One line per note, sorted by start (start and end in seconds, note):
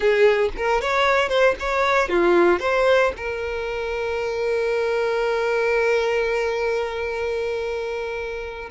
0.00 0.49 G#4
0.56 0.81 A#4
0.81 1.28 C#5
1.28 1.55 C5
1.59 2.09 C#5
2.09 2.59 F4
2.59 3.12 C5
3.17 8.69 A#4